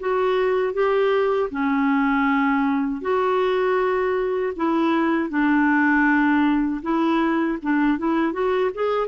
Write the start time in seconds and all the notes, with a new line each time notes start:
0.00 F#4
0.74 G4
1.51 C#4
3.02 F#4
4.56 E4
5.30 D4
6.83 E4
7.63 D4
7.99 E4
8.33 F#4
8.75 G#4